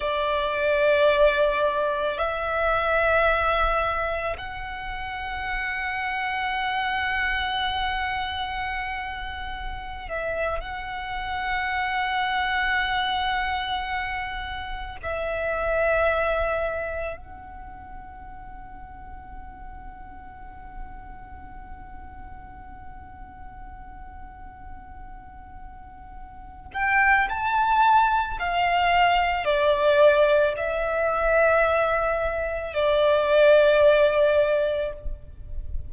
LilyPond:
\new Staff \with { instrumentName = "violin" } { \time 4/4 \tempo 4 = 55 d''2 e''2 | fis''1~ | fis''4~ fis''16 e''8 fis''2~ fis''16~ | fis''4.~ fis''16 e''2 fis''16~ |
fis''1~ | fis''1~ | fis''8 g''8 a''4 f''4 d''4 | e''2 d''2 | }